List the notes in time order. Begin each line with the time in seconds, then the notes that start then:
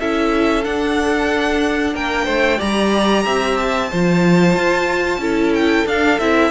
0.00 C#4 E4 A4 E5
0.63 D4 F#5
1.94 A#3 A#4 G5
2.25 A3 C5
2.58 G3 G4 D5 A#5
3.25 C4 E5
3.57 A5
3.90 F3 F4 C5
4.55 F4
5.18 C#4 E4 A4
5.54 G5
5.86 D4 F5
6.19 C4 E4 E5